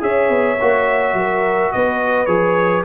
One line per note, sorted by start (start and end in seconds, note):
0.00 0.29 C#4
0.00 0.57 G#4
0.00 1.17 C#5
0.00 1.72 E5
0.29 0.57 B3
0.60 1.13 A#3
0.60 2.27 F#4
1.13 1.70 F#3
1.13 1.74 A#4
1.72 2.27 B3
1.72 2.85 B4
1.72 2.26 D#5
2.26 2.83 F3
2.26 2.83 G#4
2.26 2.82 C#5